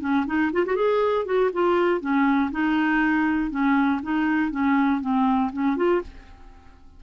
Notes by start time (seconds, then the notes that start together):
0.00 C#4
0.26 D#4
0.52 F4
0.65 F#4
0.75 G#4
1.25 F#4
1.52 F4
2.00 C#4
2.51 D#4
3.50 C#4
4.02 D#4
4.51 C#4
5.01 C4
5.52 C#4
5.76 F4